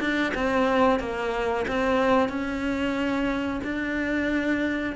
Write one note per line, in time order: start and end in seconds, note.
0.00 0.33 D4
0.34 1.00 C4
1.00 1.66 A#3
1.68 2.29 C4
2.29 3.61 C#4
3.64 4.96 D4